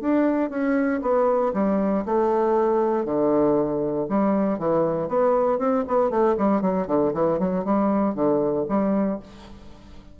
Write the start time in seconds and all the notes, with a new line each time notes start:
0.00 D4
0.49 C#4
1.01 B3
1.53 G3
2.05 A3
3.05 D3
4.09 G3
4.59 E3
5.08 B3
5.58 C4
5.87 B3
6.10 A3
6.37 G3
6.61 F#3
6.87 D3
7.13 E3
7.39 F#3
7.64 G3
8.14 D3
8.68 G3